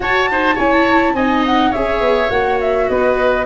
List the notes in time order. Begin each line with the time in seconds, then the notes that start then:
0.00 F#4 C#5 A5
0.31 D#4 C5
0.54 C#4 E4 C#5 G#5
0.71 A5
1.13 C4 D#4 D#5 G#5
1.45 F#5
1.70 C#4 G#4 C#5 E5
2.00 B3
2.29 A#3 F#4 F#5
2.60 E5
2.88 B3 B4 D#5